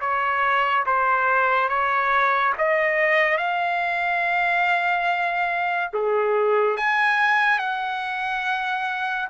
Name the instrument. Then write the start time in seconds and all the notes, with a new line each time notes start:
trumpet
0.00 C#5
0.86 C5
1.68 C#5
2.57 D#5
3.37 F5
5.93 G#4
6.76 G#5
7.59 F#5